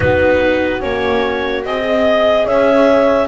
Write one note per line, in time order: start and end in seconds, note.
0.00 0.82 B3
0.00 0.80 D#4
0.00 1.84 F#4
0.00 0.82 B4
0.80 1.64 A#3
0.80 1.62 C#4
0.80 1.64 C#5
1.64 2.46 C4
1.64 3.28 G#4
1.64 2.46 D#5
1.86 2.45 D#5
2.45 3.28 C#4
2.45 3.27 C#5
2.45 3.28 E5